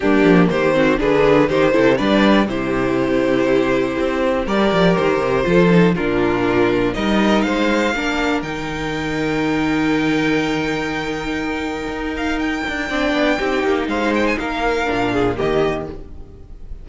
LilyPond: <<
  \new Staff \with { instrumentName = "violin" } { \time 4/4 \tempo 4 = 121 g'4 c''4 b'4 c''4 | d''4 c''2.~ | c''4 d''4 c''2 | ais'2 dis''4 f''4~ |
f''4 g''2.~ | g''1~ | g''8 f''8 g''2. | f''8 g''16 gis''16 f''2 dis''4 | }
  \new Staff \with { instrumentName = "violin" } { \time 4/4 d'4 g'8 fis'8 gis'4 g'8 a'8 | b'4 g'2.~ | g'4 ais'2 a'4 | f'2 ais'4 c''4 |
ais'1~ | ais'1~ | ais'2 d''4 g'4 | c''4 ais'4. gis'8 g'4 | }
  \new Staff \with { instrumentName = "viola" } { \time 4/4 ais4. c'8 d'4 dis'8 e'8 | d'4 e'2.~ | e'4 g'2 f'8 dis'8 | d'2 dis'2 |
d'4 dis'2.~ | dis'1~ | dis'2 d'4 dis'4~ | dis'2 d'4 ais4 | }
  \new Staff \with { instrumentName = "cello" } { \time 4/4 g8 f8 dis4 d4 dis8 c8 | g4 c2. | c'4 g8 f8 dis8 c8 f4 | ais,2 g4 gis4 |
ais4 dis2.~ | dis1 | dis'4. d'8 c'8 b8 c'8 ais8 | gis4 ais4 ais,4 dis4 | }
>>